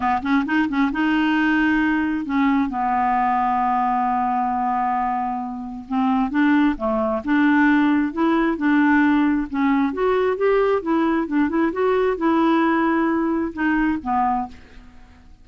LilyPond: \new Staff \with { instrumentName = "clarinet" } { \time 4/4 \tempo 4 = 133 b8 cis'8 dis'8 cis'8 dis'2~ | dis'4 cis'4 b2~ | b1~ | b4 c'4 d'4 a4 |
d'2 e'4 d'4~ | d'4 cis'4 fis'4 g'4 | e'4 d'8 e'8 fis'4 e'4~ | e'2 dis'4 b4 | }